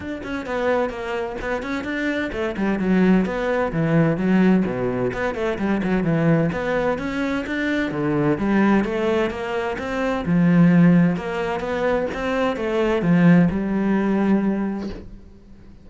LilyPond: \new Staff \with { instrumentName = "cello" } { \time 4/4 \tempo 4 = 129 d'8 cis'8 b4 ais4 b8 cis'8 | d'4 a8 g8 fis4 b4 | e4 fis4 b,4 b8 a8 | g8 fis8 e4 b4 cis'4 |
d'4 d4 g4 a4 | ais4 c'4 f2 | ais4 b4 c'4 a4 | f4 g2. | }